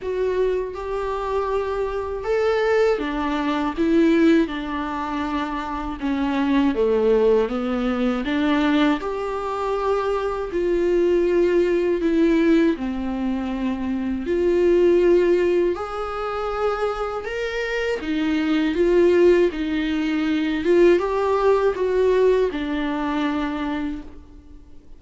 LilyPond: \new Staff \with { instrumentName = "viola" } { \time 4/4 \tempo 4 = 80 fis'4 g'2 a'4 | d'4 e'4 d'2 | cis'4 a4 b4 d'4 | g'2 f'2 |
e'4 c'2 f'4~ | f'4 gis'2 ais'4 | dis'4 f'4 dis'4. f'8 | g'4 fis'4 d'2 | }